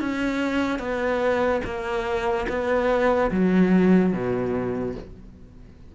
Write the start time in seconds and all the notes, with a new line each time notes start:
0.00 C#4
0.79 B3
1.65 A#3
2.49 B3
3.31 F#3
4.13 B2